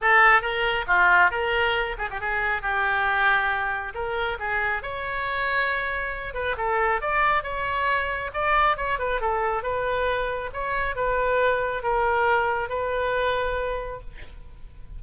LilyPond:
\new Staff \with { instrumentName = "oboe" } { \time 4/4 \tempo 4 = 137 a'4 ais'4 f'4 ais'4~ | ais'8 gis'16 g'16 gis'4 g'2~ | g'4 ais'4 gis'4 cis''4~ | cis''2~ cis''8 b'8 a'4 |
d''4 cis''2 d''4 | cis''8 b'8 a'4 b'2 | cis''4 b'2 ais'4~ | ais'4 b'2. | }